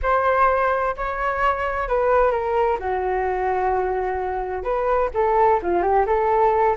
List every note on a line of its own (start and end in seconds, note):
0.02 0.95 C5
0.96 1.88 C#5
1.88 2.31 B4
2.31 2.77 A#4
2.79 4.63 F#4
4.63 5.10 B4
5.14 5.60 A4
5.62 5.82 F4
5.82 6.05 G4
6.06 6.76 A4